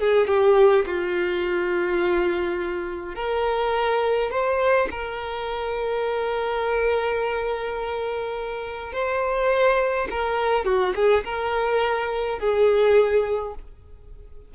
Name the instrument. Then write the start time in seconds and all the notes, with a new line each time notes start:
violin
0.00 G#4
0.28 G4
0.86 F4
3.15 A#4
4.31 C5
4.91 A#4
8.93 C5
10.11 A#4
10.65 F#4
10.95 G#4
11.24 A#4
12.39 G#4